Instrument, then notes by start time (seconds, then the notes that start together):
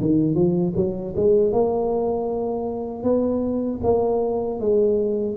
tuba
0.00 D#3
0.35 F3
0.76 F#3
1.16 G#3
1.52 A#3
3.03 B3
3.83 A#3
4.60 G#3